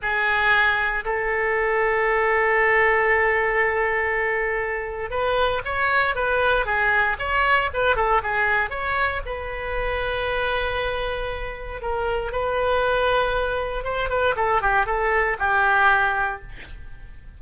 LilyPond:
\new Staff \with { instrumentName = "oboe" } { \time 4/4 \tempo 4 = 117 gis'2 a'2~ | a'1~ | a'2 b'4 cis''4 | b'4 gis'4 cis''4 b'8 a'8 |
gis'4 cis''4 b'2~ | b'2. ais'4 | b'2. c''8 b'8 | a'8 g'8 a'4 g'2 | }